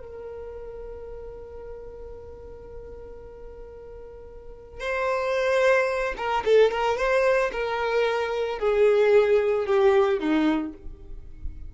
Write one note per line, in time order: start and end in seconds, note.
0.00 4.80 A#4
4.80 6.14 C5
6.17 6.44 A#4
6.45 6.71 A4
6.71 6.98 A#4
6.98 7.51 C5
7.52 8.59 A#4
8.59 9.66 G#4
9.66 10.20 G4
10.20 10.73 D#4